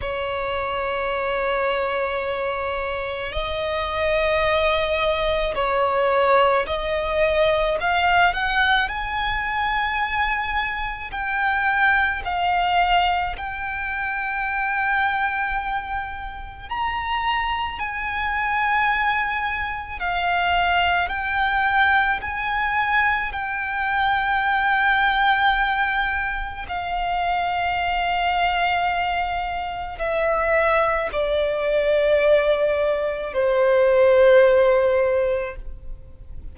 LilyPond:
\new Staff \with { instrumentName = "violin" } { \time 4/4 \tempo 4 = 54 cis''2. dis''4~ | dis''4 cis''4 dis''4 f''8 fis''8 | gis''2 g''4 f''4 | g''2. ais''4 |
gis''2 f''4 g''4 | gis''4 g''2. | f''2. e''4 | d''2 c''2 | }